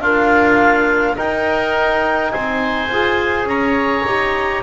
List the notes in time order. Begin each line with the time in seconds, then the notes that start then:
0.00 A#3 D4 F4 F5
1.16 D#4 A#4 G5
2.31 C4 C5 G#5
2.89 F4 G#4
3.44 C#4 C#5 A#5
4.05 D#4 G4